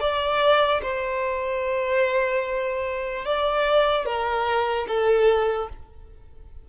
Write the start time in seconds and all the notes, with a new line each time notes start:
0.00 D5
0.82 C5
3.25 D5
4.05 A#4
4.88 A4